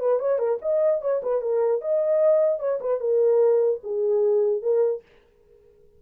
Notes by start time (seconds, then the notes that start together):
0.00 B4
0.20 C#5
0.39 A#4
0.62 D#5
1.02 C#5
1.23 B4
1.42 A#4
1.82 D#5
2.60 C#5
2.81 B4
3.01 A#4
3.84 G#4
4.63 A#4